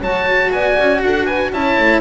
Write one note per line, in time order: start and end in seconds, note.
0.00 0.51 F#3
0.00 1.52 F#4
0.00 0.50 C#5
0.00 0.52 A5
0.52 0.77 B3
0.52 1.03 D5
0.52 1.02 G#5
0.79 1.02 C#4
1.02 1.52 D4
1.02 1.26 A4
1.02 1.25 F#5
1.25 1.51 B4
1.25 1.50 G#5
1.52 1.77 C#4
1.52 2.01 E4
1.52 2.01 C#5
1.52 2.01 A5
1.78 2.01 A3